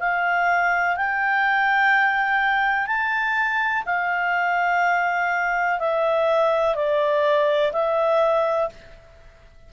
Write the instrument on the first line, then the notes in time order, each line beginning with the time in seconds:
clarinet
0.00 F5
0.97 G5
2.87 A5
3.86 F5
5.79 E5
6.76 D5
7.73 E5